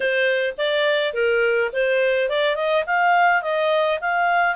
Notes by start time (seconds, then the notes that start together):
0.00 C5
0.57 D5
1.13 A#4
1.72 C5
2.29 D5
2.55 D#5
2.86 F5
3.42 D#5
4.00 F5